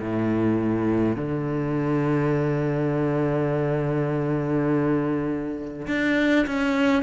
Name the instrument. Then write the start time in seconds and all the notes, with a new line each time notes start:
cello
0.00 A2
1.17 D3
5.88 D4
6.47 C#4